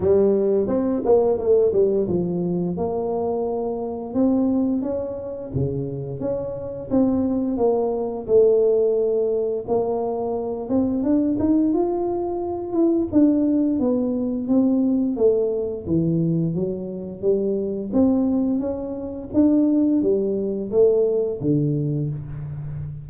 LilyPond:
\new Staff \with { instrumentName = "tuba" } { \time 4/4 \tempo 4 = 87 g4 c'8 ais8 a8 g8 f4 | ais2 c'4 cis'4 | cis4 cis'4 c'4 ais4 | a2 ais4. c'8 |
d'8 dis'8 f'4. e'8 d'4 | b4 c'4 a4 e4 | fis4 g4 c'4 cis'4 | d'4 g4 a4 d4 | }